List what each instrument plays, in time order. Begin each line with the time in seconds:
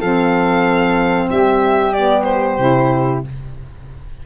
0.00 tuba F3, saxophone C4, flute A4, violin F5
1.30 tuba G3, flute G4, violin E5
1.93 saxophone B3, violin D5
2.24 violin C5
2.58 tuba C3, saxophone E4